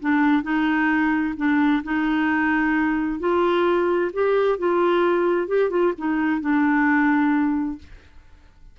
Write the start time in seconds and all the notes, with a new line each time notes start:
0.00 D4
0.43 D#4
1.37 D4
1.84 D#4
3.20 F4
4.13 G4
4.58 F4
5.48 G4
5.70 F4
5.98 D#4
6.41 D4